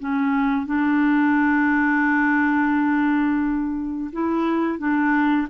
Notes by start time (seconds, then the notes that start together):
0.00 C#4
0.66 D4
4.13 E4
4.78 D4